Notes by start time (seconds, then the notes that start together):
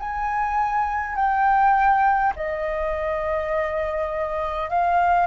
0.00 G#5
1.16 G5
2.36 D#5
4.70 F5